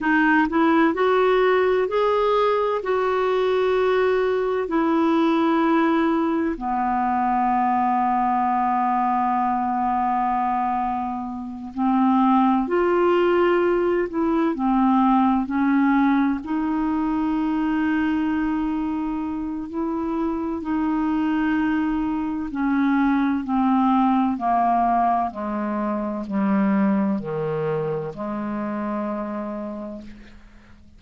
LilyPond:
\new Staff \with { instrumentName = "clarinet" } { \time 4/4 \tempo 4 = 64 dis'8 e'8 fis'4 gis'4 fis'4~ | fis'4 e'2 b4~ | b1~ | b8 c'4 f'4. e'8 c'8~ |
c'8 cis'4 dis'2~ dis'8~ | dis'4 e'4 dis'2 | cis'4 c'4 ais4 gis4 | g4 dis4 gis2 | }